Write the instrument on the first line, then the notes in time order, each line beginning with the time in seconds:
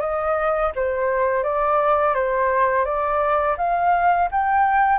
flute
0.00 D#5
0.75 C5
1.43 D5
2.15 C5
2.85 D5
3.57 F5
4.31 G5